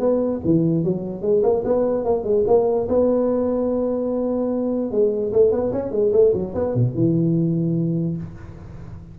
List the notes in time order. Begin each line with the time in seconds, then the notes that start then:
0.00 B3
0.45 E3
0.84 F#3
1.22 G#3
1.43 A#3
1.65 B3
2.05 A#3
2.24 G#3
2.47 A#3
2.88 B3
4.91 G#3
5.33 A3
5.52 B3
5.72 C#4
5.91 G#3
6.13 A3
6.34 F#3
6.55 B3
6.75 B2
6.95 E3